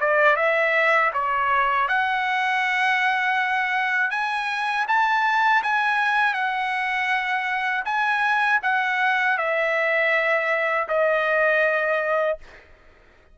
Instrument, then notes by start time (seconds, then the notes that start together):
trumpet
0.00 D5
0.36 E5
1.13 C#5
1.88 F#5
4.10 G#5
4.88 A5
5.62 G#5
6.33 F#5
7.85 G#5
8.62 F#5
9.38 E5
10.88 D#5